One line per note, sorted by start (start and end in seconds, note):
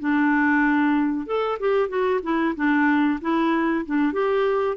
0.00 1.26 D4
1.26 1.59 A4
1.60 1.89 G4
1.89 2.21 F#4
2.23 2.55 E4
2.56 3.20 D4
3.21 3.85 E4
3.86 4.13 D4
4.13 4.77 G4